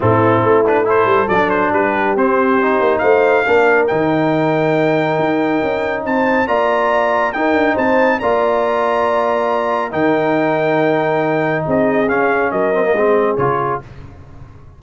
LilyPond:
<<
  \new Staff \with { instrumentName = "trumpet" } { \time 4/4 \tempo 4 = 139 a'4. b'8 c''4 d''8 c''8 | b'4 c''2 f''4~ | f''4 g''2.~ | g''2 a''4 ais''4~ |
ais''4 g''4 a''4 ais''4~ | ais''2. g''4~ | g''2. dis''4 | f''4 dis''2 cis''4 | }
  \new Staff \with { instrumentName = "horn" } { \time 4/4 e'2 a'2 | g'2. c''4 | ais'1~ | ais'2 c''4 d''4~ |
d''4 ais'4 c''4 d''4~ | d''2. ais'4~ | ais'2. gis'4~ | gis'4 ais'4 gis'2 | }
  \new Staff \with { instrumentName = "trombone" } { \time 4/4 c'4. d'8 e'4 d'4~ | d'4 c'4 dis'2 | d'4 dis'2.~ | dis'2. f'4~ |
f'4 dis'2 f'4~ | f'2. dis'4~ | dis'1 | cis'4. c'16 ais16 c'4 f'4 | }
  \new Staff \with { instrumentName = "tuba" } { \time 4/4 a,4 a4. g8 fis4 | g4 c'4. ais8 a4 | ais4 dis2. | dis'4 cis'4 c'4 ais4~ |
ais4 dis'8 d'8 c'4 ais4~ | ais2. dis4~ | dis2. c'4 | cis'4 fis4 gis4 cis4 | }
>>